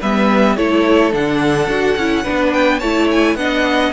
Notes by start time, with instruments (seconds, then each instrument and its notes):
0.00 cello G3, viola B3, violin B4 E5
0.57 cello A3, viola E4, violin A4 C#5
1.12 cello D3, viola D4, violin F#5
1.68 cello D4, viola F#4
1.96 cello C#4, viola E4
2.23 cello B3, viola D4, violin B4
2.53 violin G5
2.79 cello A3, viola E4, violin C#5 A5
3.11 violin G#5
3.36 cello B3, viola D4, violin D#5 F#5